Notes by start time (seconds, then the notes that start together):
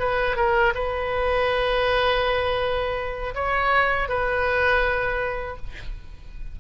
0.00 B4
0.37 A#4
0.75 B4
3.35 C#5
4.09 B4